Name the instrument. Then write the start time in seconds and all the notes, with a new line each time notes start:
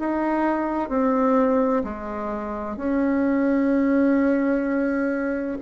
bassoon
0.00 D#4
0.89 C4
1.85 G#3
2.77 C#4